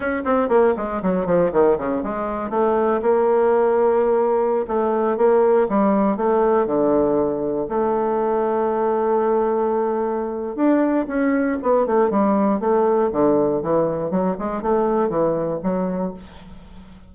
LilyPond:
\new Staff \with { instrumentName = "bassoon" } { \time 4/4 \tempo 4 = 119 cis'8 c'8 ais8 gis8 fis8 f8 dis8 cis8 | gis4 a4 ais2~ | ais4~ ais16 a4 ais4 g8.~ | g16 a4 d2 a8.~ |
a1~ | a4 d'4 cis'4 b8 a8 | g4 a4 d4 e4 | fis8 gis8 a4 e4 fis4 | }